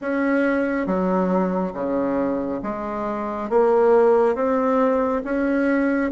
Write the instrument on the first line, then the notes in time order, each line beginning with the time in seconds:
bassoon
0.01 C#4
0.86 F#3
1.74 C#3
2.62 G#3
3.49 A#3
4.35 C4
5.24 C#4